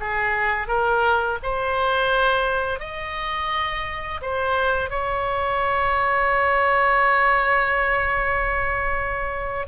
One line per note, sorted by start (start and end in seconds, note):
0.00 0.68 G#4
0.68 1.38 A#4
1.43 2.80 C5
2.80 4.21 D#5
4.22 4.90 C5
4.90 9.67 C#5